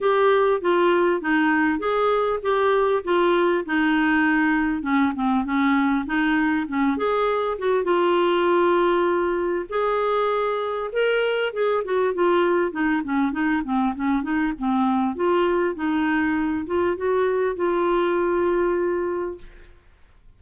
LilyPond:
\new Staff \with { instrumentName = "clarinet" } { \time 4/4 \tempo 4 = 99 g'4 f'4 dis'4 gis'4 | g'4 f'4 dis'2 | cis'8 c'8 cis'4 dis'4 cis'8 gis'8~ | gis'8 fis'8 f'2. |
gis'2 ais'4 gis'8 fis'8 | f'4 dis'8 cis'8 dis'8 c'8 cis'8 dis'8 | c'4 f'4 dis'4. f'8 | fis'4 f'2. | }